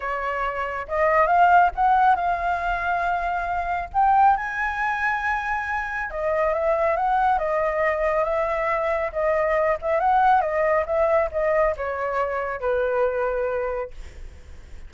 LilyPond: \new Staff \with { instrumentName = "flute" } { \time 4/4 \tempo 4 = 138 cis''2 dis''4 f''4 | fis''4 f''2.~ | f''4 g''4 gis''2~ | gis''2 dis''4 e''4 |
fis''4 dis''2 e''4~ | e''4 dis''4. e''8 fis''4 | dis''4 e''4 dis''4 cis''4~ | cis''4 b'2. | }